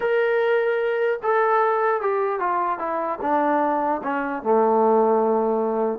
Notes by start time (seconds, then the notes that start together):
0.00 A#4
1.22 A4
2.01 G4
2.39 F4
2.79 E4
3.21 D4
4.03 C#4
4.42 A3